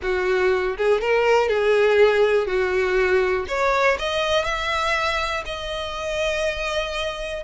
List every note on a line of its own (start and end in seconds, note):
0.02 0.76 F#4
0.77 1.01 G#4
1.01 1.48 A#4
1.48 2.47 G#4
2.47 3.46 F#4
3.48 3.97 C#5
3.98 4.44 D#5
4.44 5.43 E5
5.45 7.43 D#5